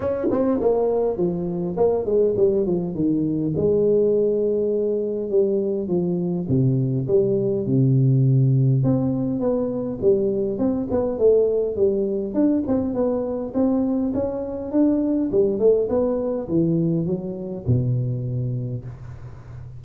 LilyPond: \new Staff \with { instrumentName = "tuba" } { \time 4/4 \tempo 4 = 102 cis'8 c'8 ais4 f4 ais8 gis8 | g8 f8 dis4 gis2~ | gis4 g4 f4 c4 | g4 c2 c'4 |
b4 g4 c'8 b8 a4 | g4 d'8 c'8 b4 c'4 | cis'4 d'4 g8 a8 b4 | e4 fis4 b,2 | }